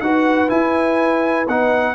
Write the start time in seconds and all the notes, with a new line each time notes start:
0.00 D#4 F#4 B4 F#5
0.48 E4 G#5
1.48 B3 D#4 F#5